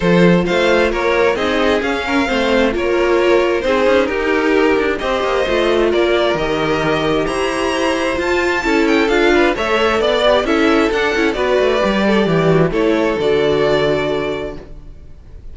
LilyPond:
<<
  \new Staff \with { instrumentName = "violin" } { \time 4/4 \tempo 4 = 132 c''4 f''4 cis''4 dis''4 | f''2 cis''2 | c''4 ais'2 dis''4~ | dis''4 d''4 dis''2 |
ais''2 a''4. g''8 | f''4 e''4 d''4 e''4 | fis''4 d''2. | cis''4 d''2. | }
  \new Staff \with { instrumentName = "violin" } { \time 4/4 a'4 c''4 ais'4 gis'4~ | gis'8 ais'8 c''4 ais'2 | gis'4 g'2 c''4~ | c''4 ais'2. |
c''2. a'4~ | a'8 b'8 cis''4 d''4 a'4~ | a'4 b'4. a'8 g'4 | a'1 | }
  \new Staff \with { instrumentName = "viola" } { \time 4/4 f'2. dis'4 | cis'4 c'4 f'2 | dis'2. g'4 | f'2 g'2~ |
g'2 f'4 e'4 | f'4 a'4. g'8 e'4 | d'8 e'8 fis'4 g'4. fis'8 | e'4 fis'2. | }
  \new Staff \with { instrumentName = "cello" } { \time 4/4 f4 a4 ais4 c'4 | cis'4 a4 ais2 | c'8 cis'8 dis'4. d'8 c'8 ais8 | a4 ais4 dis2 |
e'2 f'4 cis'4 | d'4 a4 b4 cis'4 | d'8 cis'8 b8 a8 g4 e4 | a4 d2. | }
>>